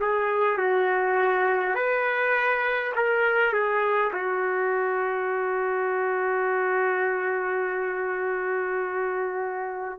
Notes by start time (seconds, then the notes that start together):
0.00 G#4
0.58 F#4
1.75 B4
2.95 A#4
3.53 G#4
4.13 F#4